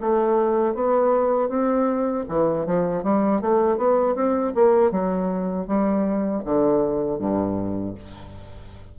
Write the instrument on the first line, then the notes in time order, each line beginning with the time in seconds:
bassoon
0.00 A3
0.74 B3
1.49 C4
2.28 E3
2.65 F3
3.03 G3
3.41 A3
3.77 B3
4.15 C4
4.55 A#3
4.91 F#3
5.67 G3
6.45 D3
7.18 G2